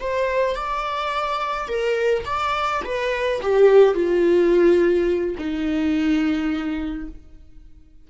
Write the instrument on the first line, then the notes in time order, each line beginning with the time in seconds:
viola
0.00 C5
0.55 D5
1.68 A#4
2.25 D5
2.85 B4
3.42 G4
3.94 F4
5.38 D#4